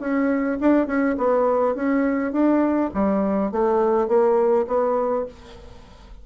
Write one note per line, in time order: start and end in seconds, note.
0.00 0.58 C#4
0.60 0.87 D4
0.87 1.16 C#4
1.18 1.75 B3
1.75 2.32 C#4
2.32 2.90 D4
2.94 3.52 G3
3.52 4.08 A3
4.08 4.66 A#3
4.67 5.26 B3